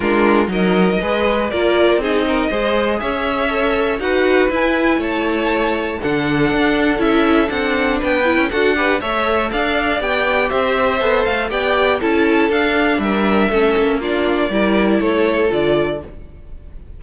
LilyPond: <<
  \new Staff \with { instrumentName = "violin" } { \time 4/4 \tempo 4 = 120 ais'4 dis''2 d''4 | dis''2 e''2 | fis''4 gis''4 a''2 | fis''2 e''4 fis''4 |
g''4 fis''4 e''4 f''4 | g''4 e''4. f''8 g''4 | a''4 f''4 e''2 | d''2 cis''4 d''4 | }
  \new Staff \with { instrumentName = "violin" } { \time 4/4 f'4 ais'4 b'4 ais'4 | gis'8 ais'8 c''4 cis''2 | b'2 cis''2 | a'1 |
b'4 a'8 b'8 cis''4 d''4~ | d''4 c''2 d''4 | a'2 ais'4 a'4 | f'4 ais'4 a'2 | }
  \new Staff \with { instrumentName = "viola" } { \time 4/4 d'4 dis'4 gis'4 f'4 | dis'4 gis'2 a'4 | fis'4 e'2. | d'2 e'4 d'4~ |
d'8 e'8 fis'8 g'8 a'2 | g'2 a'4 g'4 | e'4 d'2 cis'4 | d'4 e'2 f'4 | }
  \new Staff \with { instrumentName = "cello" } { \time 4/4 gis4 fis4 gis4 ais4 | c'4 gis4 cis'2 | dis'4 e'4 a2 | d4 d'4 cis'4 c'4 |
b8. cis'16 d'4 a4 d'4 | b4 c'4 b8 a8 b4 | cis'4 d'4 g4 a8 ais8~ | ais4 g4 a4 d4 | }
>>